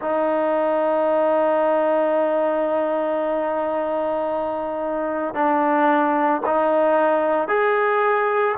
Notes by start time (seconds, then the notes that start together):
0.01 D#4
5.34 D4
6.46 D#4
7.48 G#4